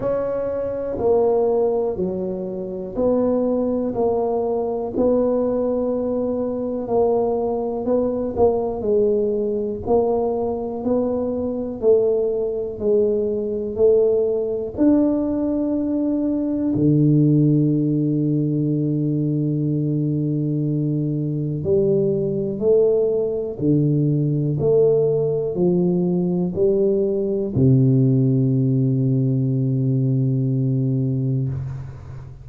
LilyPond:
\new Staff \with { instrumentName = "tuba" } { \time 4/4 \tempo 4 = 61 cis'4 ais4 fis4 b4 | ais4 b2 ais4 | b8 ais8 gis4 ais4 b4 | a4 gis4 a4 d'4~ |
d'4 d2.~ | d2 g4 a4 | d4 a4 f4 g4 | c1 | }